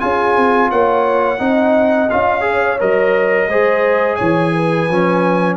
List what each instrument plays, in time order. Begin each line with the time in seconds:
0.00 tuba C#4, trombone F4, horn G#4, trumpet G#5
0.36 tuba C4
0.70 tuba A#3, horn C#5, trumpet F#5
1.39 tuba C4, trombone D#4, horn D#5
2.10 tuba C#4, trombone F4, trumpet F5
2.41 trombone G#4, horn C#5
2.79 tuba F#3, trombone A#4, trumpet D#5
3.48 tuba G#3, trombone G#4, horn C5
4.16 tuba E3, horn C#5, trumpet G#5
4.54 horn B4
4.90 tuba F3, trombone C#4